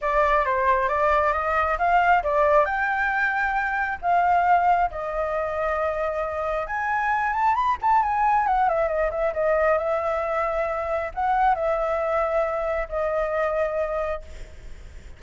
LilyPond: \new Staff \with { instrumentName = "flute" } { \time 4/4 \tempo 4 = 135 d''4 c''4 d''4 dis''4 | f''4 d''4 g''2~ | g''4 f''2 dis''4~ | dis''2. gis''4~ |
gis''8 a''8 b''8 a''8 gis''4 fis''8 e''8 | dis''8 e''8 dis''4 e''2~ | e''4 fis''4 e''2~ | e''4 dis''2. | }